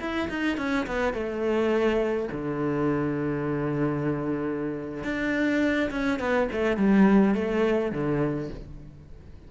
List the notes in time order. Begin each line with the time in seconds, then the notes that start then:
0.00 E4
0.29 D#4
0.58 C#4
0.87 B3
1.14 A3
2.32 D3
5.04 D4
5.91 C#4
6.19 B3
6.53 A3
6.77 G3
7.35 A3
7.92 D3